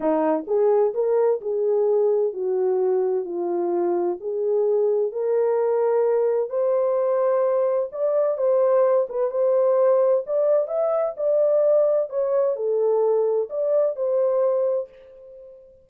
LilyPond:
\new Staff \with { instrumentName = "horn" } { \time 4/4 \tempo 4 = 129 dis'4 gis'4 ais'4 gis'4~ | gis'4 fis'2 f'4~ | f'4 gis'2 ais'4~ | ais'2 c''2~ |
c''4 d''4 c''4. b'8 | c''2 d''4 e''4 | d''2 cis''4 a'4~ | a'4 d''4 c''2 | }